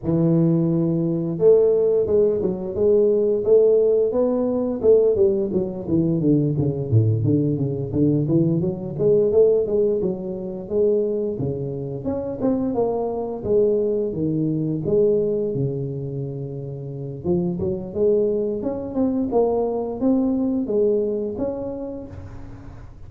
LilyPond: \new Staff \with { instrumentName = "tuba" } { \time 4/4 \tempo 4 = 87 e2 a4 gis8 fis8 | gis4 a4 b4 a8 g8 | fis8 e8 d8 cis8 a,8 d8 cis8 d8 | e8 fis8 gis8 a8 gis8 fis4 gis8~ |
gis8 cis4 cis'8 c'8 ais4 gis8~ | gis8 dis4 gis4 cis4.~ | cis4 f8 fis8 gis4 cis'8 c'8 | ais4 c'4 gis4 cis'4 | }